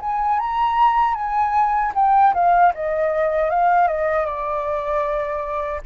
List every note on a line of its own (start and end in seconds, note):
0.00 0.39 G#5
0.39 1.14 A#5
1.14 1.92 G#5
1.94 2.33 G5
2.34 2.73 F5
2.74 3.50 D#5
3.50 3.87 F5
3.87 4.25 D#5
4.25 5.81 D5